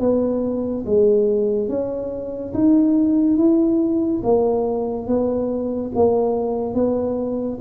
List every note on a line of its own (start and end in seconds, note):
0.00 0.85 B3
0.86 1.69 G#3
1.69 2.54 C#4
2.54 3.37 D#4
3.37 4.22 E4
4.24 5.07 A#3
5.07 5.92 B3
5.95 6.75 A#3
6.75 7.59 B3